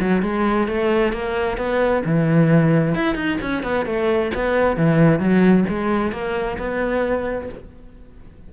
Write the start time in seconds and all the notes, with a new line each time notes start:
0.00 F#3
0.22 G#3
0.68 A3
1.12 A#3
1.57 B3
2.05 E3
2.94 E4
3.15 D#4
3.41 C#4
3.63 B3
3.86 A3
4.34 B3
4.77 E3
5.19 F#3
5.68 G#3
6.12 A#3
6.58 B3